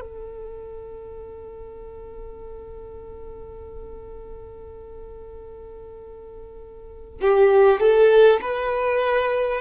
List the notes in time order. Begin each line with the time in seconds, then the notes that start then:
0.00 A4
7.21 G4
7.79 A4
8.41 B4